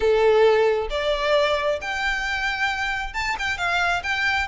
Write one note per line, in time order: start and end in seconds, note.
0.00 0.88 A4
0.90 1.79 D5
1.81 3.13 G5
3.13 3.35 A5
3.38 3.57 G5
3.57 4.02 F5
4.03 4.47 G5